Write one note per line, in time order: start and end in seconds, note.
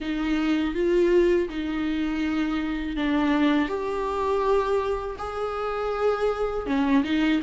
0.00 0.74 D#4
0.74 1.48 F4
1.48 2.96 D#4
2.96 3.68 D4
3.68 5.16 G4
5.18 6.66 G#4
6.66 7.03 C#4
7.03 7.40 D#4